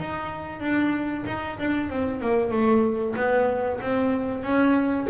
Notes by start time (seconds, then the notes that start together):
0.00 D#4
0.60 D4
1.27 D#4
1.59 D4
1.90 C4
2.21 A#3
2.52 A3
3.17 B3
3.81 C4
4.44 C#4